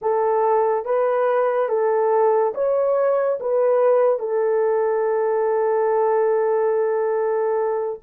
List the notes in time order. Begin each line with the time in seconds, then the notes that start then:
0.01 A4
0.85 B4
1.69 A4
2.54 C#5
3.40 B4
4.19 A4